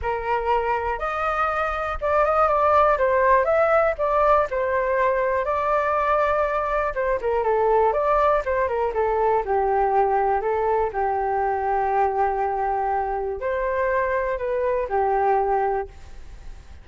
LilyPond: \new Staff \with { instrumentName = "flute" } { \time 4/4 \tempo 4 = 121 ais'2 dis''2 | d''8 dis''8 d''4 c''4 e''4 | d''4 c''2 d''4~ | d''2 c''8 ais'8 a'4 |
d''4 c''8 ais'8 a'4 g'4~ | g'4 a'4 g'2~ | g'2. c''4~ | c''4 b'4 g'2 | }